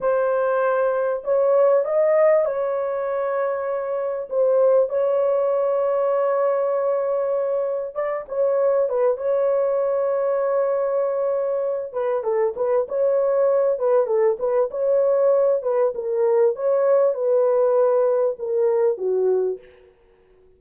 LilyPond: \new Staff \with { instrumentName = "horn" } { \time 4/4 \tempo 4 = 98 c''2 cis''4 dis''4 | cis''2. c''4 | cis''1~ | cis''4 d''8 cis''4 b'8 cis''4~ |
cis''2.~ cis''8 b'8 | a'8 b'8 cis''4. b'8 a'8 b'8 | cis''4. b'8 ais'4 cis''4 | b'2 ais'4 fis'4 | }